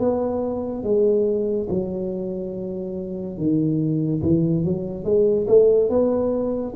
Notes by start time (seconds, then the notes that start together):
0.00 B3
0.84 G#3
1.70 F#3
3.38 D#3
4.23 E3
4.65 F#3
5.05 G#3
5.48 A3
5.90 B3